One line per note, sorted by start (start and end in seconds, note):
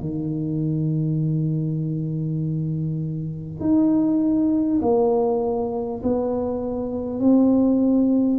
0.00 3.60 D#3
3.60 4.80 D#4
4.82 6.02 A#3
6.03 7.19 B3
7.19 8.39 C4